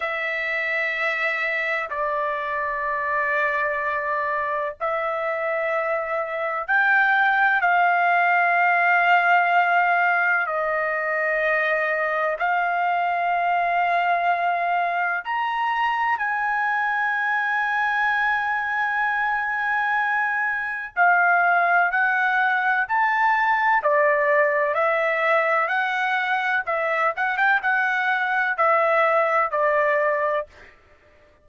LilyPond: \new Staff \with { instrumentName = "trumpet" } { \time 4/4 \tempo 4 = 63 e''2 d''2~ | d''4 e''2 g''4 | f''2. dis''4~ | dis''4 f''2. |
ais''4 gis''2.~ | gis''2 f''4 fis''4 | a''4 d''4 e''4 fis''4 | e''8 fis''16 g''16 fis''4 e''4 d''4 | }